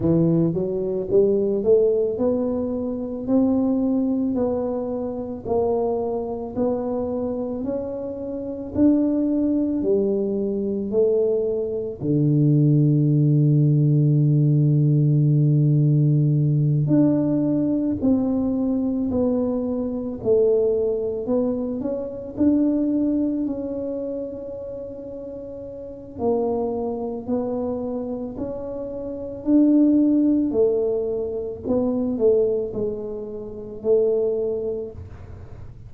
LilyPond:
\new Staff \with { instrumentName = "tuba" } { \time 4/4 \tempo 4 = 55 e8 fis8 g8 a8 b4 c'4 | b4 ais4 b4 cis'4 | d'4 g4 a4 d4~ | d2.~ d8 d'8~ |
d'8 c'4 b4 a4 b8 | cis'8 d'4 cis'2~ cis'8 | ais4 b4 cis'4 d'4 | a4 b8 a8 gis4 a4 | }